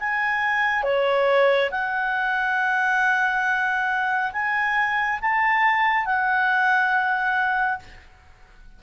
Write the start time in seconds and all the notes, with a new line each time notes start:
0.00 G#5
0.84 C#5
1.71 F#5
4.33 G#5
5.22 A5
6.06 F#5